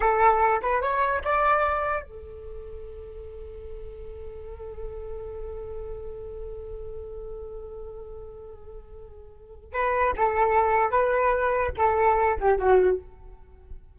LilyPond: \new Staff \with { instrumentName = "flute" } { \time 4/4 \tempo 4 = 148 a'4. b'8 cis''4 d''4~ | d''4 a'2.~ | a'1~ | a'1~ |
a'1~ | a'1 | b'4 a'2 b'4~ | b'4 a'4. g'8 fis'4 | }